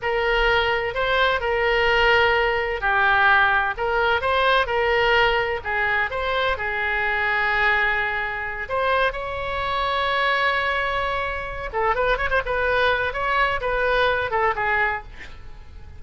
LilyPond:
\new Staff \with { instrumentName = "oboe" } { \time 4/4 \tempo 4 = 128 ais'2 c''4 ais'4~ | ais'2 g'2 | ais'4 c''4 ais'2 | gis'4 c''4 gis'2~ |
gis'2~ gis'8 c''4 cis''8~ | cis''1~ | cis''4 a'8 b'8 cis''16 c''16 b'4. | cis''4 b'4. a'8 gis'4 | }